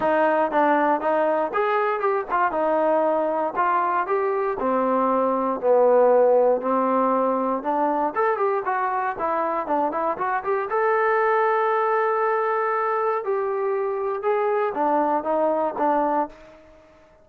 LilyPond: \new Staff \with { instrumentName = "trombone" } { \time 4/4 \tempo 4 = 118 dis'4 d'4 dis'4 gis'4 | g'8 f'8 dis'2 f'4 | g'4 c'2 b4~ | b4 c'2 d'4 |
a'8 g'8 fis'4 e'4 d'8 e'8 | fis'8 g'8 a'2.~ | a'2 g'2 | gis'4 d'4 dis'4 d'4 | }